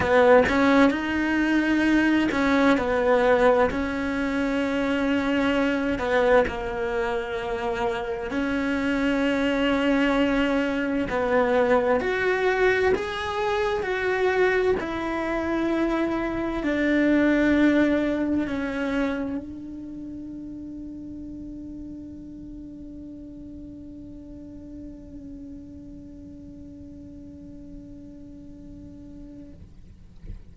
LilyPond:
\new Staff \with { instrumentName = "cello" } { \time 4/4 \tempo 4 = 65 b8 cis'8 dis'4. cis'8 b4 | cis'2~ cis'8 b8 ais4~ | ais4 cis'2. | b4 fis'4 gis'4 fis'4 |
e'2 d'2 | cis'4 d'2.~ | d'1~ | d'1 | }